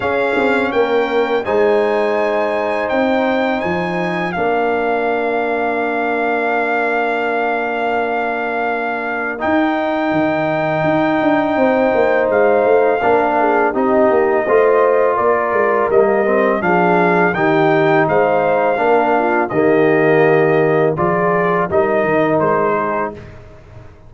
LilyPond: <<
  \new Staff \with { instrumentName = "trumpet" } { \time 4/4 \tempo 4 = 83 f''4 g''4 gis''2 | g''4 gis''4 f''2~ | f''1~ | f''4 g''2.~ |
g''4 f''2 dis''4~ | dis''4 d''4 dis''4 f''4 | g''4 f''2 dis''4~ | dis''4 d''4 dis''4 c''4 | }
  \new Staff \with { instrumentName = "horn" } { \time 4/4 gis'4 ais'4 c''2~ | c''2 ais'2~ | ais'1~ | ais'1 |
c''2 ais'8 gis'8 g'4 | c''4 ais'2 gis'4 | g'4 c''4 ais'8 f'8 g'4~ | g'4 gis'4 ais'4. gis'8 | }
  \new Staff \with { instrumentName = "trombone" } { \time 4/4 cis'2 dis'2~ | dis'2 d'2~ | d'1~ | d'4 dis'2.~ |
dis'2 d'4 dis'4 | f'2 ais8 c'8 d'4 | dis'2 d'4 ais4~ | ais4 f'4 dis'2 | }
  \new Staff \with { instrumentName = "tuba" } { \time 4/4 cis'8 c'8 ais4 gis2 | c'4 f4 ais2~ | ais1~ | ais4 dis'4 dis4 dis'8 d'8 |
c'8 ais8 gis8 a8 ais4 c'8 ais8 | a4 ais8 gis8 g4 f4 | dis4 gis4 ais4 dis4~ | dis4 f4 g8 dis8 gis4 | }
>>